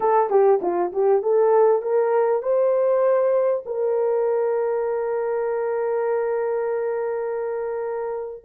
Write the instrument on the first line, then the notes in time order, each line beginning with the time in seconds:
horn
0.00 A4
0.29 G4
0.61 F4
0.92 G4
1.22 A4
1.82 A#4
2.42 C5
3.65 A#4